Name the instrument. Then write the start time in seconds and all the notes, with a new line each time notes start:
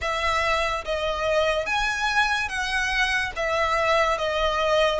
violin
0.01 E5
0.84 D#5
1.66 G#5
2.48 F#5
3.35 E5
4.18 D#5